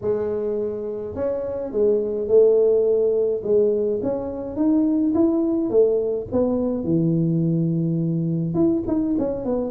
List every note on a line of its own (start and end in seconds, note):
0.01 1.15 G#3
1.15 1.72 C#4
1.72 2.28 G#3
2.28 3.42 A3
3.43 4.00 G#3
4.03 4.56 C#4
4.56 5.13 D#4
5.14 5.69 E4
5.69 6.26 A3
6.31 6.84 B3
6.84 8.54 E3
8.54 8.83 E4
8.87 9.15 D#4
9.18 9.44 C#4
9.44 9.70 B3